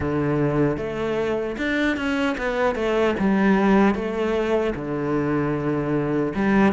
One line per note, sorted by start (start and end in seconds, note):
0.00 0.77 D3
0.77 1.56 A3
1.57 1.96 D4
1.96 2.36 C#4
2.37 2.75 B3
2.75 3.14 A3
3.19 3.94 G3
3.94 4.73 A3
4.75 6.33 D3
6.35 6.72 G3